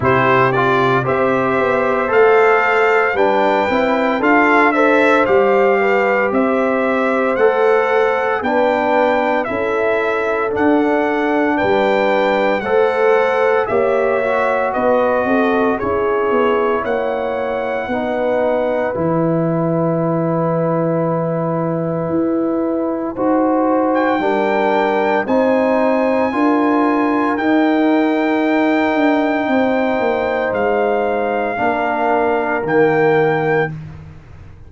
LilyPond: <<
  \new Staff \with { instrumentName = "trumpet" } { \time 4/4 \tempo 4 = 57 c''8 d''8 e''4 f''4 g''4 | f''8 e''8 f''4 e''4 fis''4 | g''4 e''4 fis''4 g''4 | fis''4 e''4 dis''4 cis''4 |
fis''2 gis''2~ | gis''2~ gis''8. g''4~ g''16 | gis''2 g''2~ | g''4 f''2 g''4 | }
  \new Staff \with { instrumentName = "horn" } { \time 4/4 g'4 c''2 b'4 | a'8 c''4 b'8 c''2 | b'4 a'2 b'4 | c''4 cis''4 b'8 a'8 gis'4 |
cis''4 b'2.~ | b'2 c''4 ais'4 | c''4 ais'2. | c''2 ais'2 | }
  \new Staff \with { instrumentName = "trombone" } { \time 4/4 e'8 f'8 g'4 a'4 d'8 e'8 | f'8 a'8 g'2 a'4 | d'4 e'4 d'2 | a'4 g'8 fis'4. e'4~ |
e'4 dis'4 e'2~ | e'2 fis'4 d'4 | dis'4 f'4 dis'2~ | dis'2 d'4 ais4 | }
  \new Staff \with { instrumentName = "tuba" } { \time 4/4 c4 c'8 b8 a4 g8 c'8 | d'4 g4 c'4 a4 | b4 cis'4 d'4 g4 | a4 ais4 b8 c'8 cis'8 b8 |
ais4 b4 e2~ | e4 e'4 dis'4 g4 | c'4 d'4 dis'4. d'8 | c'8 ais8 gis4 ais4 dis4 | }
>>